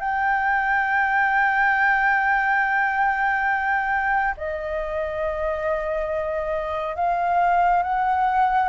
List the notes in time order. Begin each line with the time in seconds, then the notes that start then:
0.00 G5
4.37 D#5
6.96 F5
7.83 F#5